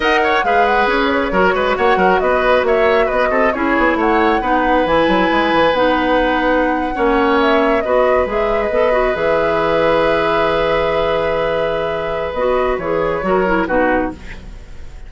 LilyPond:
<<
  \new Staff \with { instrumentName = "flute" } { \time 4/4 \tempo 4 = 136 fis''4 f''8 fis''8 cis''2 | fis''4 dis''4 e''4 dis''4 | cis''4 fis''2 gis''4~ | gis''4 fis''2.~ |
fis''8. e''4 dis''4 e''8. dis''8~ | dis''8. e''2.~ e''16~ | e''1 | dis''4 cis''2 b'4 | }
  \new Staff \with { instrumentName = "oboe" } { \time 4/4 dis''8 cis''8 b'2 ais'8 b'8 | cis''8 ais'8 b'4 cis''4 b'8 a'8 | gis'4 cis''4 b'2~ | b'2.~ b'8. cis''16~ |
cis''4.~ cis''16 b'2~ b'16~ | b'1~ | b'1~ | b'2 ais'4 fis'4 | }
  \new Staff \with { instrumentName = "clarinet" } { \time 4/4 ais'4 gis'2 fis'4~ | fis'1 | e'2 dis'4 e'4~ | e'4 dis'2~ dis'8. cis'16~ |
cis'4.~ cis'16 fis'4 gis'4 a'16~ | a'16 fis'8 gis'2.~ gis'16~ | gis'1 | fis'4 gis'4 fis'8 e'8 dis'4 | }
  \new Staff \with { instrumentName = "bassoon" } { \time 4/4 dis'4 gis4 cis'4 fis8 gis8 | ais8 fis8 b4 ais4 b8 c'8 | cis'8 b8 a4 b4 e8 fis8 | gis8 e8 b2~ b8. ais16~ |
ais4.~ ais16 b4 gis4 b16~ | b8. e2.~ e16~ | e1 | b4 e4 fis4 b,4 | }
>>